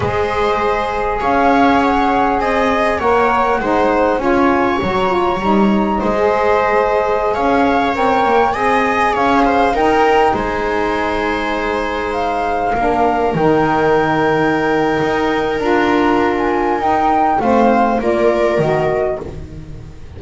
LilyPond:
<<
  \new Staff \with { instrumentName = "flute" } { \time 4/4 \tempo 4 = 100 dis''2 f''4 fis''4 | gis''4 fis''2 gis''4 | ais''2 dis''2~ | dis''16 f''4 g''4 gis''4 f''8.~ |
f''16 g''4 gis''2~ gis''8.~ | gis''16 f''2 g''4.~ g''16~ | g''2 ais''4~ ais''16 gis''8. | g''4 f''4 d''4 dis''4 | }
  \new Staff \with { instrumentName = "viola" } { \time 4/4 c''2 cis''2 | dis''4 cis''4 c''4 cis''4~ | cis''2 c''2~ | c''16 cis''2 dis''4 cis''8 c''16~ |
c''16 ais'4 c''2~ c''8.~ | c''4~ c''16 ais'2~ ais'8.~ | ais'1~ | ais'4 c''4 ais'2 | }
  \new Staff \with { instrumentName = "saxophone" } { \time 4/4 gis'1~ | gis'4 ais'4 dis'4 f'4 | fis'8 f'8 dis'4~ dis'16 gis'4.~ gis'16~ | gis'4~ gis'16 ais'4 gis'4.~ gis'16~ |
gis'16 dis'2.~ dis'8.~ | dis'4~ dis'16 d'4 dis'4.~ dis'16~ | dis'2 f'2 | dis'4 c'4 f'4 fis'4 | }
  \new Staff \with { instrumentName = "double bass" } { \time 4/4 gis2 cis'2 | c'4 ais4 gis4 cis'4 | fis4 g4 gis2~ | gis16 cis'4 c'8 ais8 c'4 cis'8.~ |
cis'16 dis'4 gis2~ gis8.~ | gis4~ gis16 ais4 dis4.~ dis16~ | dis4 dis'4 d'2 | dis'4 a4 ais4 dis4 | }
>>